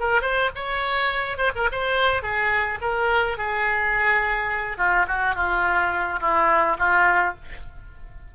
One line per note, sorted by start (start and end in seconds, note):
0.00 0.22 A#4
0.22 0.50 C5
0.56 1.38 C#5
1.38 1.52 C5
1.55 1.70 A#4
1.72 2.23 C5
2.23 2.79 G#4
2.81 3.38 A#4
3.38 4.78 G#4
4.78 5.06 F4
5.08 5.35 F#4
5.35 6.20 F4
6.21 6.77 E4
6.79 7.35 F4